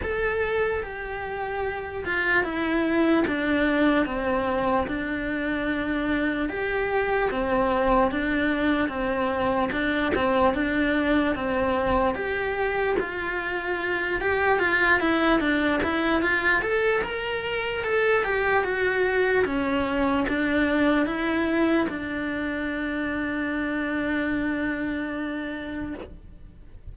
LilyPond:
\new Staff \with { instrumentName = "cello" } { \time 4/4 \tempo 4 = 74 a'4 g'4. f'8 e'4 | d'4 c'4 d'2 | g'4 c'4 d'4 c'4 | d'8 c'8 d'4 c'4 g'4 |
f'4. g'8 f'8 e'8 d'8 e'8 | f'8 a'8 ais'4 a'8 g'8 fis'4 | cis'4 d'4 e'4 d'4~ | d'1 | }